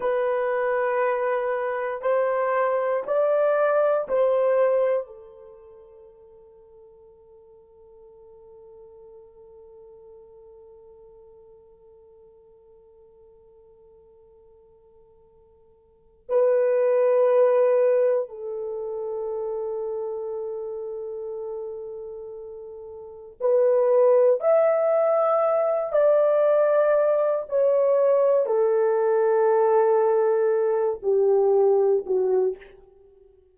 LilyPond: \new Staff \with { instrumentName = "horn" } { \time 4/4 \tempo 4 = 59 b'2 c''4 d''4 | c''4 a'2.~ | a'1~ | a'1 |
b'2 a'2~ | a'2. b'4 | e''4. d''4. cis''4 | a'2~ a'8 g'4 fis'8 | }